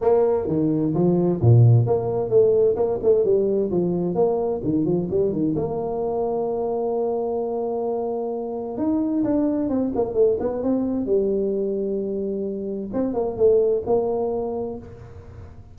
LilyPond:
\new Staff \with { instrumentName = "tuba" } { \time 4/4 \tempo 4 = 130 ais4 dis4 f4 ais,4 | ais4 a4 ais8 a8 g4 | f4 ais4 dis8 f8 g8 dis8 | ais1~ |
ais2. dis'4 | d'4 c'8 ais8 a8 b8 c'4 | g1 | c'8 ais8 a4 ais2 | }